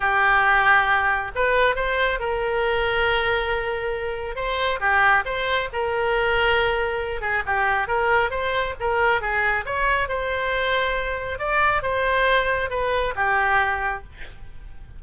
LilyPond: \new Staff \with { instrumentName = "oboe" } { \time 4/4 \tempo 4 = 137 g'2. b'4 | c''4 ais'2.~ | ais'2 c''4 g'4 | c''4 ais'2.~ |
ais'8 gis'8 g'4 ais'4 c''4 | ais'4 gis'4 cis''4 c''4~ | c''2 d''4 c''4~ | c''4 b'4 g'2 | }